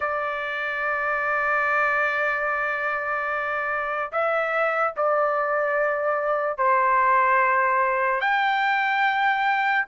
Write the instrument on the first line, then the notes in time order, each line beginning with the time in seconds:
trumpet
0.00 D5
4.11 E5
4.96 D5
6.58 C5
8.20 G5